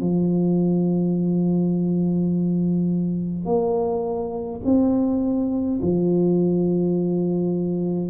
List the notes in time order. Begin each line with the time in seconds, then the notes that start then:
0.00 F3
3.45 A#3
4.65 C4
5.82 F3